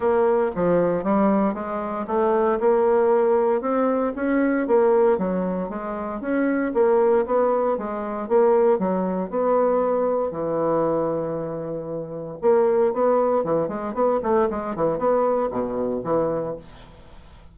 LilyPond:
\new Staff \with { instrumentName = "bassoon" } { \time 4/4 \tempo 4 = 116 ais4 f4 g4 gis4 | a4 ais2 c'4 | cis'4 ais4 fis4 gis4 | cis'4 ais4 b4 gis4 |
ais4 fis4 b2 | e1 | ais4 b4 e8 gis8 b8 a8 | gis8 e8 b4 b,4 e4 | }